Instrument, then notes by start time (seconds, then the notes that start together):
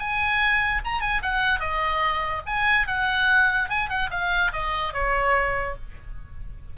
oboe
0.00 G#5
0.85 A#5
1.01 G#5
1.23 F#5
1.60 D#5
2.47 G#5
2.88 F#5
3.70 G#5
3.90 F#5
4.11 F5
4.53 D#5
4.94 C#5